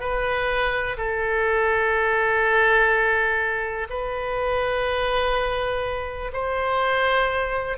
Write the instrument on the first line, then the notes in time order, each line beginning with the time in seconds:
oboe
0.00 B4
0.97 A4
3.89 B4
6.33 C5